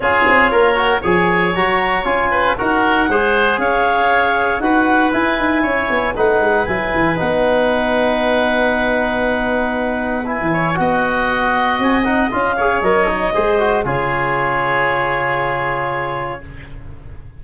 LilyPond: <<
  \new Staff \with { instrumentName = "clarinet" } { \time 4/4 \tempo 4 = 117 cis''2 gis''4 ais''4 | gis''4 fis''2 f''4~ | f''4 fis''4 gis''2 | fis''4 gis''4 fis''2~ |
fis''1 | gis''4 fis''2 gis''8 fis''8 | f''4 dis''2 cis''4~ | cis''1 | }
  \new Staff \with { instrumentName = "oboe" } { \time 4/4 gis'4 ais'4 cis''2~ | cis''8 b'8 ais'4 c''4 cis''4~ | cis''4 b'2 cis''4 | b'1~ |
b'1~ | b'8 cis''8 dis''2.~ | dis''8 cis''4. c''4 gis'4~ | gis'1 | }
  \new Staff \with { instrumentName = "trombone" } { \time 4/4 f'4. fis'8 gis'4 fis'4 | f'4 fis'4 gis'2~ | gis'4 fis'4 e'2 | dis'4 e'4 dis'2~ |
dis'1 | e'4 fis'2~ fis'8 dis'8 | f'8 gis'8 ais'8 dis'8 gis'8 fis'8 f'4~ | f'1 | }
  \new Staff \with { instrumentName = "tuba" } { \time 4/4 cis'8 c'8 ais4 f4 fis4 | cis'4 dis'4 gis4 cis'4~ | cis'4 dis'4 e'8 dis'8 cis'8 b8 | a8 gis8 fis8 e8 b2~ |
b1~ | b16 e8. b2 c'4 | cis'4 fis4 gis4 cis4~ | cis1 | }
>>